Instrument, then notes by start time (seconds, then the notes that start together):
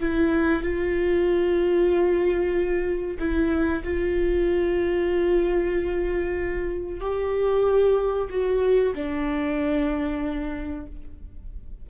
viola
0.00 E4
0.63 F4
3.19 E4
3.84 F4
7.01 G4
8.30 F#4
8.95 D4